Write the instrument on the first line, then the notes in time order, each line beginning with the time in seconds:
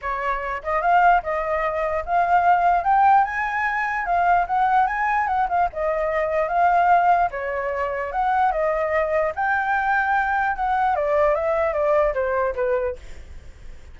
flute
0.01 C#5
0.63 D#5
0.81 F5
1.22 D#5
2.05 F5
2.84 G5
3.24 G#5
4.05 F5
4.46 F#5
4.86 G#5
5.27 F#5
5.48 F5
5.72 D#5
6.48 F5
7.31 C#5
8.12 F#5
8.51 D#5
9.35 G5
10.56 F#5
10.95 D5
11.34 E5
11.73 D5
12.13 C5
12.55 B4